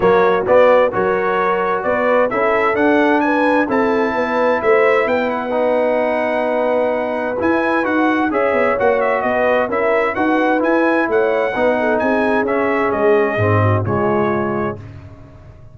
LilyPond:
<<
  \new Staff \with { instrumentName = "trumpet" } { \time 4/4 \tempo 4 = 130 cis''4 d''4 cis''2 | d''4 e''4 fis''4 gis''4 | a''2 e''4 g''8 fis''8~ | fis''1 |
gis''4 fis''4 e''4 fis''8 e''8 | dis''4 e''4 fis''4 gis''4 | fis''2 gis''4 e''4 | dis''2 cis''2 | }
  \new Staff \with { instrumentName = "horn" } { \time 4/4 fis'2 ais'2 | b'4 a'2 b'4 | a'4 b'4 c''4 b'4~ | b'1~ |
b'2 cis''2 | b'4 ais'4 b'2 | cis''4 b'8 a'8 gis'2~ | gis'4. fis'8 f'2 | }
  \new Staff \with { instrumentName = "trombone" } { \time 4/4 ais4 b4 fis'2~ | fis'4 e'4 d'2 | e'1 | dis'1 |
e'4 fis'4 gis'4 fis'4~ | fis'4 e'4 fis'4 e'4~ | e'4 dis'2 cis'4~ | cis'4 c'4 gis2 | }
  \new Staff \with { instrumentName = "tuba" } { \time 4/4 fis4 b4 fis2 | b4 cis'4 d'2 | c'4 b4 a4 b4~ | b1 |
e'4 dis'4 cis'8 b8 ais4 | b4 cis'4 dis'4 e'4 | a4 b4 c'4 cis'4 | gis4 gis,4 cis2 | }
>>